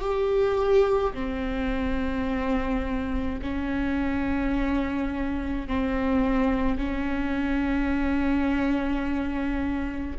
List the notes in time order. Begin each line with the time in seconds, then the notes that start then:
0.00 G4
1.14 C4
3.42 C#4
5.68 C4
6.78 C#4